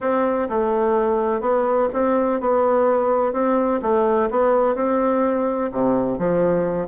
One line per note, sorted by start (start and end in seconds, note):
0.00 0.48 C4
0.49 1.40 A3
1.40 1.88 B3
1.93 2.40 C4
2.40 3.32 B3
3.32 3.80 C4
3.82 4.29 A3
4.30 4.75 B3
4.75 5.70 C4
5.72 6.18 C3
6.18 6.87 F3